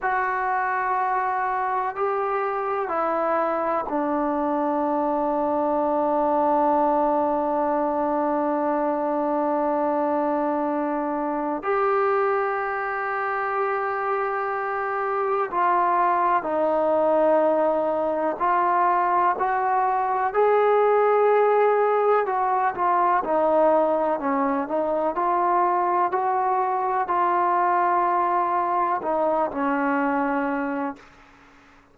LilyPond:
\new Staff \with { instrumentName = "trombone" } { \time 4/4 \tempo 4 = 62 fis'2 g'4 e'4 | d'1~ | d'1 | g'1 |
f'4 dis'2 f'4 | fis'4 gis'2 fis'8 f'8 | dis'4 cis'8 dis'8 f'4 fis'4 | f'2 dis'8 cis'4. | }